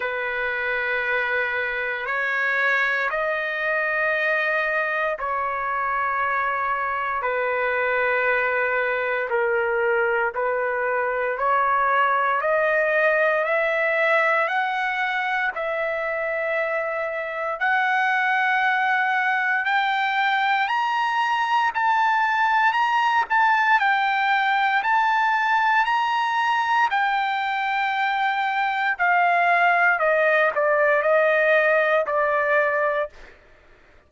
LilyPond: \new Staff \with { instrumentName = "trumpet" } { \time 4/4 \tempo 4 = 58 b'2 cis''4 dis''4~ | dis''4 cis''2 b'4~ | b'4 ais'4 b'4 cis''4 | dis''4 e''4 fis''4 e''4~ |
e''4 fis''2 g''4 | ais''4 a''4 ais''8 a''8 g''4 | a''4 ais''4 g''2 | f''4 dis''8 d''8 dis''4 d''4 | }